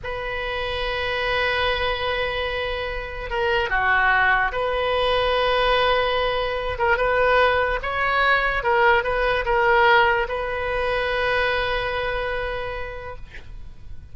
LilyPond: \new Staff \with { instrumentName = "oboe" } { \time 4/4 \tempo 4 = 146 b'1~ | b'1 | ais'4 fis'2 b'4~ | b'1~ |
b'8 ais'8 b'2 cis''4~ | cis''4 ais'4 b'4 ais'4~ | ais'4 b'2.~ | b'1 | }